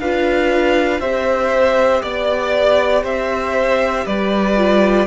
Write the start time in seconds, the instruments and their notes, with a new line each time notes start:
0.00 cello D4, viola F4, violin B4 F5
1.00 cello C4, viola G4, violin C5 E5
2.02 cello B3, violin D5
3.03 cello C4, violin C5 E5
4.06 cello G3, violin B4 D5
4.57 viola F4